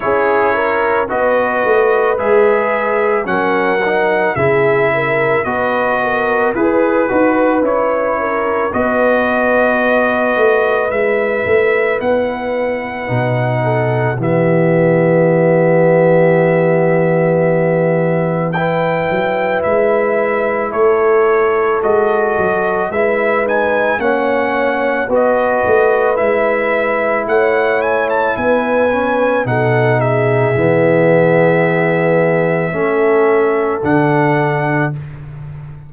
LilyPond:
<<
  \new Staff \with { instrumentName = "trumpet" } { \time 4/4 \tempo 4 = 55 cis''4 dis''4 e''4 fis''4 | e''4 dis''4 b'4 cis''4 | dis''2 e''4 fis''4~ | fis''4 e''2.~ |
e''4 g''4 e''4 cis''4 | dis''4 e''8 gis''8 fis''4 dis''4 | e''4 fis''8 gis''16 a''16 gis''4 fis''8 e''8~ | e''2. fis''4 | }
  \new Staff \with { instrumentName = "horn" } { \time 4/4 gis'8 ais'8 b'2 ais'4 | gis'8 ais'8 b'8 ais'8 b'4. ais'8 | b'1~ | b'8 a'8 g'2.~ |
g'4 b'2 a'4~ | a'4 b'4 cis''4 b'4~ | b'4 cis''4 b'4 a'8 gis'8~ | gis'2 a'2 | }
  \new Staff \with { instrumentName = "trombone" } { \time 4/4 e'4 fis'4 gis'4 cis'8 dis'8 | e'4 fis'4 gis'8 fis'8 e'4 | fis'2 e'2 | dis'4 b2.~ |
b4 e'2. | fis'4 e'8 dis'8 cis'4 fis'4 | e'2~ e'8 cis'8 dis'4 | b2 cis'4 d'4 | }
  \new Staff \with { instrumentName = "tuba" } { \time 4/4 cis'4 b8 a8 gis4 fis4 | cis4 b4 e'8 dis'8 cis'4 | b4. a8 gis8 a8 b4 | b,4 e2.~ |
e4. fis8 gis4 a4 | gis8 fis8 gis4 ais4 b8 a8 | gis4 a4 b4 b,4 | e2 a4 d4 | }
>>